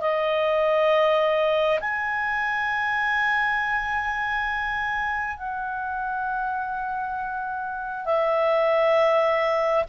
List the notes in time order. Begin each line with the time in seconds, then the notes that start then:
0.00 D#5
1.80 G#5
5.36 F#5
8.05 E5